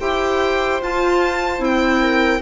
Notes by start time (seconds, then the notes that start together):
0.00 E4 G4 C5 G5
0.81 F4 A5
1.58 C4 E4
1.64 G5
2.01 A#4